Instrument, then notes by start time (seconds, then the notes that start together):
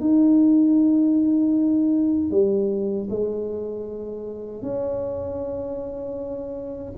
tuba
0.00 D#4
2.30 G3
3.10 G#3
4.62 C#4